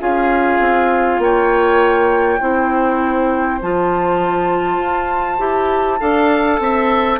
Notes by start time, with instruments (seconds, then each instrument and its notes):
0.00 bassoon C#4, clarinet F4, oboe G#4, flute F5
0.59 bassoon C4
1.19 bassoon A#3, oboe C#5, flute G5
2.41 bassoon C4, clarinet E4, oboe C5
3.62 bassoon F3, clarinet F4, flute A5
4.77 bassoon F4
5.38 bassoon E4, clarinet G4
6.00 bassoon D4, clarinet A4, oboe F5
6.60 bassoon C4, oboe E5